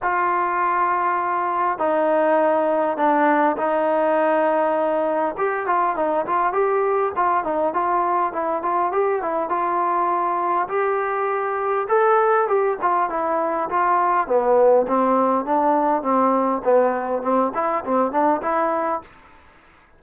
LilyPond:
\new Staff \with { instrumentName = "trombone" } { \time 4/4 \tempo 4 = 101 f'2. dis'4~ | dis'4 d'4 dis'2~ | dis'4 g'8 f'8 dis'8 f'8 g'4 | f'8 dis'8 f'4 e'8 f'8 g'8 e'8 |
f'2 g'2 | a'4 g'8 f'8 e'4 f'4 | b4 c'4 d'4 c'4 | b4 c'8 e'8 c'8 d'8 e'4 | }